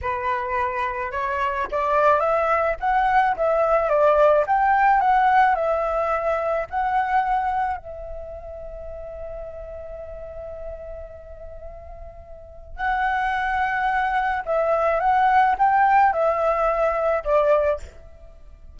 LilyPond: \new Staff \with { instrumentName = "flute" } { \time 4/4 \tempo 4 = 108 b'2 cis''4 d''4 | e''4 fis''4 e''4 d''4 | g''4 fis''4 e''2 | fis''2 e''2~ |
e''1~ | e''2. fis''4~ | fis''2 e''4 fis''4 | g''4 e''2 d''4 | }